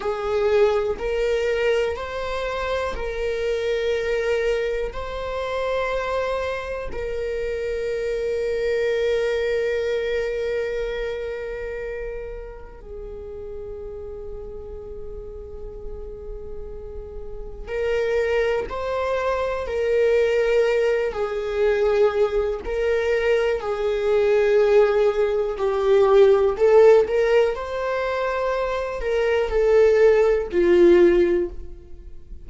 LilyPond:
\new Staff \with { instrumentName = "viola" } { \time 4/4 \tempo 4 = 61 gis'4 ais'4 c''4 ais'4~ | ais'4 c''2 ais'4~ | ais'1~ | ais'4 gis'2.~ |
gis'2 ais'4 c''4 | ais'4. gis'4. ais'4 | gis'2 g'4 a'8 ais'8 | c''4. ais'8 a'4 f'4 | }